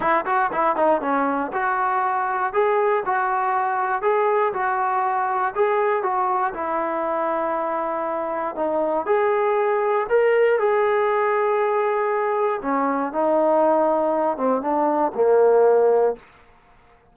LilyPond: \new Staff \with { instrumentName = "trombone" } { \time 4/4 \tempo 4 = 119 e'8 fis'8 e'8 dis'8 cis'4 fis'4~ | fis'4 gis'4 fis'2 | gis'4 fis'2 gis'4 | fis'4 e'2.~ |
e'4 dis'4 gis'2 | ais'4 gis'2.~ | gis'4 cis'4 dis'2~ | dis'8 c'8 d'4 ais2 | }